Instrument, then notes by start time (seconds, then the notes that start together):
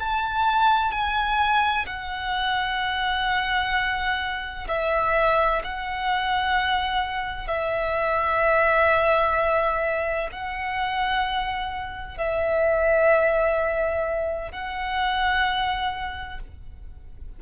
violin
0.00 A5
0.92 G#5
1.86 F#5
4.68 E5
5.64 F#5
7.48 E5
10.32 F#5
12.18 E5
14.52 F#5